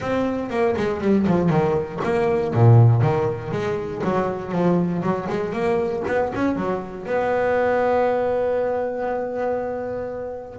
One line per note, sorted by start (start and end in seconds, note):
0.00 0.50 C4
0.50 0.75 A#3
0.76 1.00 G#3
1.00 1.26 G3
1.26 1.49 F3
1.49 2.00 D#3
2.03 2.54 A#3
2.54 3.01 A#2
3.01 3.51 D#3
3.51 4.02 G#3
4.04 4.51 F#3
4.51 5.02 F3
5.02 5.27 F#3
5.28 5.52 G#3
5.52 6.03 A#3
6.07 6.32 B3
6.34 6.55 C#4
6.55 7.05 F#3
7.05 10.58 B3